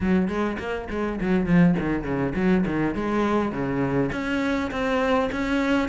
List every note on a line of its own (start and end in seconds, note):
0.00 0.28 F#3
0.28 0.57 G#3
0.58 0.88 A#3
0.90 1.19 G#3
1.20 1.45 F#3
1.45 1.75 F3
1.79 2.03 D#3
2.03 2.33 C#3
2.35 2.64 F#3
2.66 2.94 D#3
2.94 3.51 G#3
3.51 4.10 C#3
4.12 4.71 C#4
4.71 5.29 C4
5.32 5.88 C#4